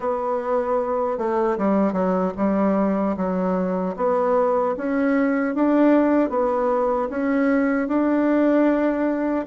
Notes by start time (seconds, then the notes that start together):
0.00 B3
1.18 A3
1.58 G3
1.92 F#3
2.37 G3
3.17 F#3
3.96 B3
4.77 C#4
5.54 D4
6.29 B3
7.09 C#4
7.87 D4